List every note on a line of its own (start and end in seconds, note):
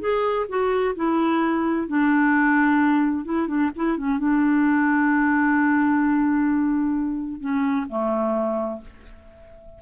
0.00 0.46 G#4
0.49 0.95 F#4
0.96 1.88 E4
1.88 3.25 D4
3.25 3.48 E4
3.48 3.71 D4
3.76 3.98 E4
3.98 4.19 C#4
4.19 7.41 D4
7.41 7.87 C#4
7.89 8.81 A3